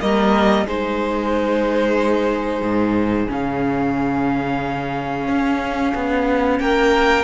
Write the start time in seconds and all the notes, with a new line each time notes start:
0.00 G3 A#3 A#4 D#5
0.66 G#3 D#4 G#4 C5
2.61 G#2
3.27 C#3 C#4 F5
5.27 C#4
5.95 B3
6.59 A#3 A#4 G5